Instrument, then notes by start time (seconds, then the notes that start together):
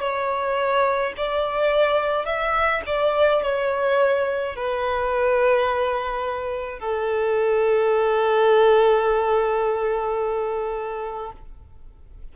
violin
0.00 C#5
1.17 D5
2.25 E5
2.86 D5
3.42 C#5
4.55 B4
6.79 A4